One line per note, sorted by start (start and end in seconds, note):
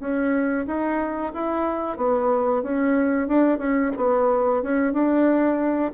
0.00 0.66 C#4
0.67 1.33 D#4
1.34 1.98 E4
1.98 2.63 B3
2.63 3.28 C#4
3.28 3.59 D4
3.59 3.92 C#4
3.97 4.63 B3
4.63 4.93 C#4
4.93 5.92 D4